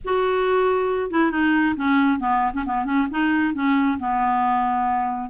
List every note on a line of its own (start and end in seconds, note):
0.04 1.10 F#4
1.10 1.31 E4
1.31 1.75 D#4
1.76 2.19 C#4
2.19 2.52 B3
2.53 2.64 C#4
2.65 2.85 B3
2.85 3.07 C#4
3.10 3.54 D#4
3.54 3.98 C#4
3.99 5.30 B3